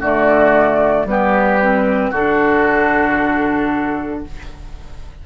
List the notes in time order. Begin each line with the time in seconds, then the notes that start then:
0.00 D3 A3 F#4 D5
1.05 G3 B3 G4 B4
1.61 C4
2.11 D3 D4 F#4 A4